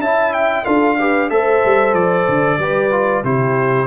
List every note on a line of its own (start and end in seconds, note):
0.00 0.65 C#4
0.00 0.65 E4
0.00 0.65 E5
0.00 0.33 A5
0.33 0.65 G5
0.65 1.31 D4
0.65 0.97 F4
0.65 0.97 A4
0.65 1.29 F5
0.98 1.30 G4
0.98 1.30 B4
1.30 1.63 A3
1.30 2.59 A4
1.30 2.60 C5
1.30 1.94 E5
1.65 1.93 G3
1.93 2.26 F3
1.93 3.23 D5
2.28 2.58 D3
2.58 3.23 G3
2.58 2.91 G4
2.58 3.24 B4
2.91 3.24 F4
3.24 3.86 C3
3.24 3.86 E4
3.24 3.86 G4
3.24 3.86 C5